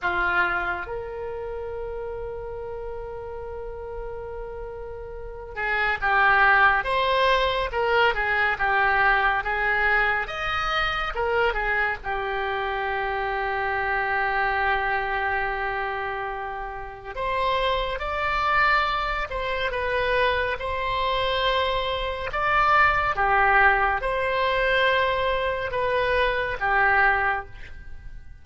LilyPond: \new Staff \with { instrumentName = "oboe" } { \time 4/4 \tempo 4 = 70 f'4 ais'2.~ | ais'2~ ais'8 gis'8 g'4 | c''4 ais'8 gis'8 g'4 gis'4 | dis''4 ais'8 gis'8 g'2~ |
g'1 | c''4 d''4. c''8 b'4 | c''2 d''4 g'4 | c''2 b'4 g'4 | }